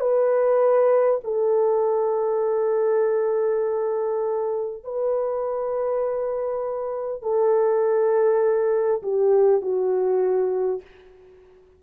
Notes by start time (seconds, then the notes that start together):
0.00 B4
1.24 A4
4.83 B4
7.22 A4
9.02 G4
9.61 F#4